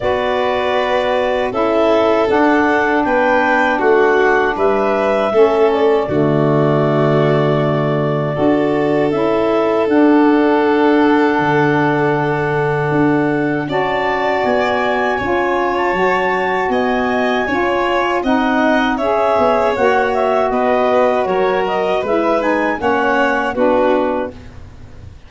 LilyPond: <<
  \new Staff \with { instrumentName = "clarinet" } { \time 4/4 \tempo 4 = 79 d''2 e''4 fis''4 | g''4 fis''4 e''4. d''8~ | d''1 | e''4 fis''2.~ |
fis''2 a''4 gis''4~ | gis''8. a''4~ a''16 gis''2 | fis''4 e''4 fis''8 e''8 dis''4 | cis''8 dis''8 e''8 gis''8 fis''4 b'4 | }
  \new Staff \with { instrumentName = "violin" } { \time 4/4 b'2 a'2 | b'4 fis'4 b'4 a'4 | fis'2. a'4~ | a'1~ |
a'2 d''2 | cis''2 dis''4 cis''4 | dis''4 cis''2 b'4 | ais'4 b'4 cis''4 fis'4 | }
  \new Staff \with { instrumentName = "saxophone" } { \time 4/4 fis'2 e'4 d'4~ | d'2. cis'4 | a2. fis'4 | e'4 d'2.~ |
d'2 fis'2 | f'4 fis'2 f'4 | dis'4 gis'4 fis'2~ | fis'4 e'8 dis'8 cis'4 d'4 | }
  \new Staff \with { instrumentName = "tuba" } { \time 4/4 b2 cis'4 d'4 | b4 a4 g4 a4 | d2. d'4 | cis'4 d'2 d4~ |
d4 d'4 cis'4 b4 | cis'4 fis4 b4 cis'4 | c'4 cis'8 b8 ais4 b4 | fis4 gis4 ais4 b4 | }
>>